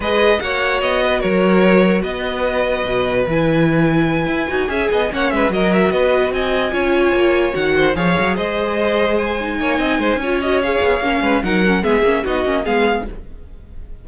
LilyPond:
<<
  \new Staff \with { instrumentName = "violin" } { \time 4/4 \tempo 4 = 147 dis''4 fis''4 dis''4 cis''4~ | cis''4 dis''2. | gis''1~ | gis''8 fis''8 e''8 dis''8 e''8 dis''4 gis''8~ |
gis''2~ gis''8 fis''4 f''8~ | f''8 dis''2 gis''4.~ | gis''4. dis''8 f''2 | fis''4 e''4 dis''4 f''4 | }
  \new Staff \with { instrumentName = "violin" } { \time 4/4 b'4 cis''4. b'8 ais'4~ | ais'4 b'2.~ | b'2.~ b'8 e''8 | dis''8 cis''8 b'8 ais'4 b'4 dis''8~ |
dis''8 cis''2~ cis''8 c''8 cis''8~ | cis''8 c''2. cis''8 | dis''8 c''8 cis''2~ cis''8 b'8 | ais'4 gis'4 fis'4 gis'4 | }
  \new Staff \with { instrumentName = "viola" } { \time 4/4 gis'4 fis'2.~ | fis'1 | e'2. fis'8 gis'8~ | gis'8 cis'4 fis'2~ fis'8~ |
fis'8 f'2 fis'4 gis'8~ | gis'2. dis'4~ | dis'4 f'8 fis'8 gis'4 cis'4 | dis'8 cis'8 b8 cis'8 dis'8 cis'8 b4 | }
  \new Staff \with { instrumentName = "cello" } { \time 4/4 gis4 ais4 b4 fis4~ | fis4 b2 b,4 | e2~ e8 e'8 dis'8 cis'8 | b8 ais8 gis8 fis4 b4 c'8~ |
c'8 cis'4 ais4 dis4 f8 | fis8 gis2. ais8 | c'8 gis8 cis'4. b8 ais8 gis8 | fis4 gis8 ais8 b8 ais8 gis4 | }
>>